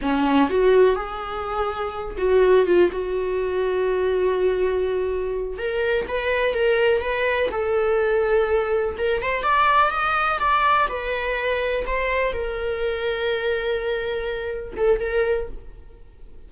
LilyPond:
\new Staff \with { instrumentName = "viola" } { \time 4/4 \tempo 4 = 124 cis'4 fis'4 gis'2~ | gis'8 fis'4 f'8 fis'2~ | fis'2.~ fis'8 ais'8~ | ais'8 b'4 ais'4 b'4 a'8~ |
a'2~ a'8 ais'8 c''8 d''8~ | d''8 dis''4 d''4 b'4.~ | b'8 c''4 ais'2~ ais'8~ | ais'2~ ais'8 a'8 ais'4 | }